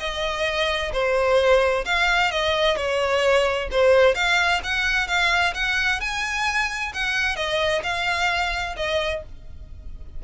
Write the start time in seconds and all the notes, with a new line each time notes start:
0.00 D#5
0.93 C5
1.86 F5
2.32 D#5
2.77 C#5
3.72 C5
4.15 F5
4.64 F#5
5.08 F5
5.54 F#5
6.01 G#5
6.94 F#5
7.36 D#5
7.84 F5
8.77 D#5